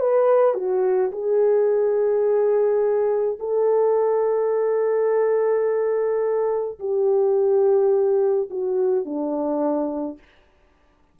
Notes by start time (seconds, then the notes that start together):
0.00 B4
0.55 F#4
1.12 G#4
3.40 A4
6.80 G4
8.51 F#4
9.05 D4